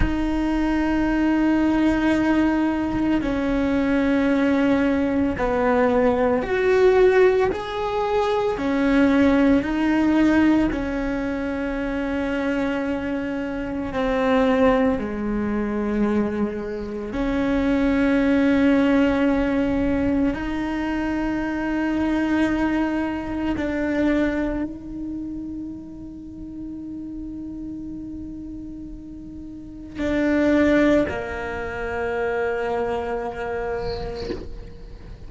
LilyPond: \new Staff \with { instrumentName = "cello" } { \time 4/4 \tempo 4 = 56 dis'2. cis'4~ | cis'4 b4 fis'4 gis'4 | cis'4 dis'4 cis'2~ | cis'4 c'4 gis2 |
cis'2. dis'4~ | dis'2 d'4 dis'4~ | dis'1 | d'4 ais2. | }